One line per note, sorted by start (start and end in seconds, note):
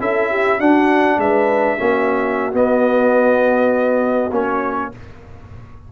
0.00 0.59 C#4
0.00 0.60 E4
0.00 0.29 A4
0.00 0.60 E5
0.29 0.58 G4
0.58 1.17 D4
0.58 1.77 D4
0.58 1.17 F#4
0.58 1.19 F#5
1.17 1.76 G#3
1.17 1.78 B4
1.17 2.53 E5
1.77 2.53 A#3
1.77 2.52 C#4
1.77 4.90 F#4
2.52 4.30 B3
2.52 4.31 B3
2.52 4.33 D#5
4.31 4.90 A#3
4.31 4.92 C#4
4.31 4.92 C#5